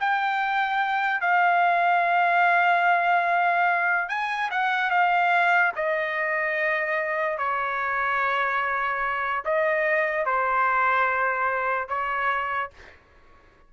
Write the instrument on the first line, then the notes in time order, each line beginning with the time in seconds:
trumpet
0.00 G5
1.21 F5
4.09 G#5
4.51 F#5
4.90 F5
5.76 D#5
7.38 C#5
9.45 D#5
10.26 C5
11.88 C#5